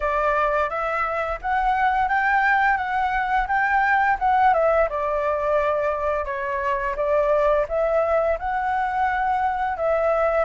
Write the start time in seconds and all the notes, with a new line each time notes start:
0.00 D5
0.69 E5
1.41 F#5
2.08 G5
2.77 F#5
3.47 G5
4.19 F#5
4.53 E5
4.89 D5
6.25 C#5
6.96 D5
7.68 E5
8.38 F#5
9.77 E5